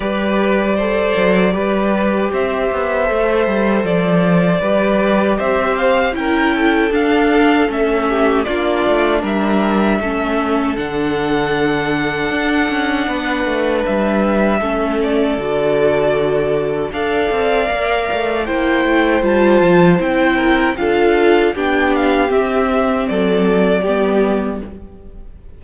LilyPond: <<
  \new Staff \with { instrumentName = "violin" } { \time 4/4 \tempo 4 = 78 d''2. e''4~ | e''4 d''2 e''8 f''8 | g''4 f''4 e''4 d''4 | e''2 fis''2~ |
fis''2 e''4. d''8~ | d''2 f''2 | g''4 a''4 g''4 f''4 | g''8 f''8 e''4 d''2 | }
  \new Staff \with { instrumentName = "violin" } { \time 4/4 b'4 c''4 b'4 c''4~ | c''2 b'4 c''4 | ais'8 a'2 g'8 f'4 | ais'4 a'2.~ |
a'4 b'2 a'4~ | a'2 d''2 | c''2~ c''8 ais'8 a'4 | g'2 a'4 g'4 | }
  \new Staff \with { instrumentName = "viola" } { \time 4/4 g'4 a'4 g'2 | a'2 g'2 | e'4 d'4 cis'4 d'4~ | d'4 cis'4 d'2~ |
d'2. cis'4 | fis'2 a'4 ais'4 | e'4 f'4 e'4 f'4 | d'4 c'2 b4 | }
  \new Staff \with { instrumentName = "cello" } { \time 4/4 g4. fis8 g4 c'8 b8 | a8 g8 f4 g4 c'4 | cis'4 d'4 a4 ais8 a8 | g4 a4 d2 |
d'8 cis'8 b8 a8 g4 a4 | d2 d'8 c'8 ais8 a8 | ais8 a8 g8 f8 c'4 d'4 | b4 c'4 fis4 g4 | }
>>